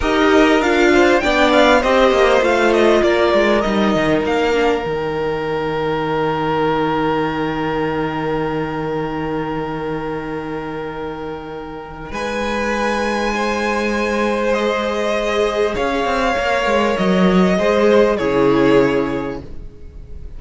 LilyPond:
<<
  \new Staff \with { instrumentName = "violin" } { \time 4/4 \tempo 4 = 99 dis''4 f''4 g''8 f''8 dis''4 | f''8 dis''8 d''4 dis''4 f''4 | g''1~ | g''1~ |
g''1 | gis''1 | dis''2 f''2 | dis''2 cis''2 | }
  \new Staff \with { instrumentName = "violin" } { \time 4/4 ais'4. c''8 d''4 c''4~ | c''4 ais'2.~ | ais'1~ | ais'1~ |
ais'1 | b'2 c''2~ | c''2 cis''2~ | cis''4 c''4 gis'2 | }
  \new Staff \with { instrumentName = "viola" } { \time 4/4 g'4 f'4 d'4 g'4 | f'2 dis'4. d'8 | dis'1~ | dis'1~ |
dis'1~ | dis'1 | gis'2. ais'4~ | ais'4 gis'4 e'2 | }
  \new Staff \with { instrumentName = "cello" } { \time 4/4 dis'4 d'4 b4 c'8 ais8 | a4 ais8 gis8 g8 dis8 ais4 | dis1~ | dis1~ |
dis1 | gis1~ | gis2 cis'8 c'8 ais8 gis8 | fis4 gis4 cis2 | }
>>